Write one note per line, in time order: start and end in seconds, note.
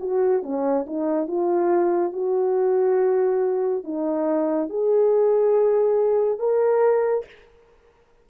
0.00 0.43 F#4
0.43 0.86 C#4
0.87 1.28 D#4
1.28 2.13 F4
2.13 3.84 F#4
3.84 4.69 D#4
4.69 6.39 G#4
6.39 7.25 A#4